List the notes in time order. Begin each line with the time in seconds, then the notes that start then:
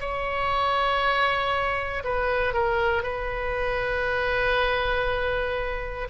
0.00 C#5
2.04 B4
2.54 A#4
3.03 B4